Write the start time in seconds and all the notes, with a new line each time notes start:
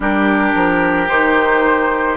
0.00 G3 D4 G4 A#4
0.55 F3
1.08 D#3 D#4 C5